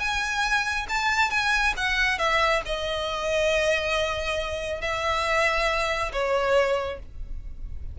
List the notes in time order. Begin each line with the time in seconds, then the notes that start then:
0.00 G#5
0.89 A5
1.31 G#5
1.77 F#5
2.19 E5
2.66 D#5
4.82 E5
6.13 C#5